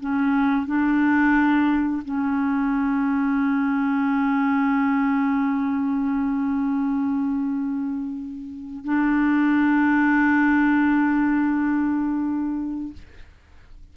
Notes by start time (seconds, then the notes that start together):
0.00 C#4
0.66 D4
2.05 C#4
8.84 D4